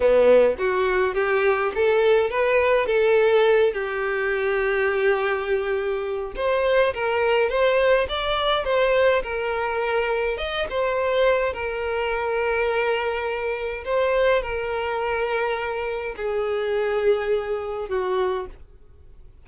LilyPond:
\new Staff \with { instrumentName = "violin" } { \time 4/4 \tempo 4 = 104 b4 fis'4 g'4 a'4 | b'4 a'4. g'4.~ | g'2. c''4 | ais'4 c''4 d''4 c''4 |
ais'2 dis''8 c''4. | ais'1 | c''4 ais'2. | gis'2. fis'4 | }